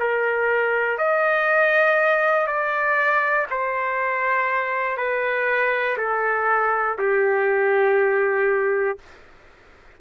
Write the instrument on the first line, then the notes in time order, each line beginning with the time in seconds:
trumpet
0.00 A#4
0.98 D#5
2.47 D5
3.50 C5
4.98 B4
5.98 A4
6.99 G4